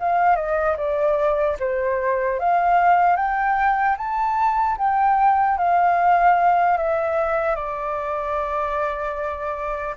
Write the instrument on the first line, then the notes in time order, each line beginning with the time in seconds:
flute
0.00 F5
0.36 D#5
0.77 D5
1.59 C5
2.39 F5
3.16 G5
3.97 A5
4.78 G5
5.58 F5
6.77 E5
7.55 D5